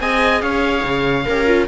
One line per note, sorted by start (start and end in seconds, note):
0.00 0.42 C4
0.00 1.26 G#4
0.00 0.42 D#5
0.00 0.41 G#5
0.41 0.84 C#4
0.41 1.25 C#5
0.41 1.67 F5
0.84 1.26 C#3
1.25 1.67 C#4
1.25 1.46 G4
1.25 1.67 A#4
1.46 1.67 F4